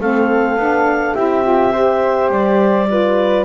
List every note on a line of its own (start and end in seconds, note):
0.00 0.55 A3
0.00 0.58 C4
0.00 1.15 A4
0.00 1.14 F5
0.55 1.13 B3
0.55 1.16 D4
1.14 2.29 C4
1.14 1.44 E4
1.14 1.72 G4
1.14 2.30 E5
1.44 1.72 F4
1.72 2.87 G4
1.72 2.87 C5
2.29 3.44 G3
2.29 3.44 D5
2.87 3.44 F4
2.87 3.44 B4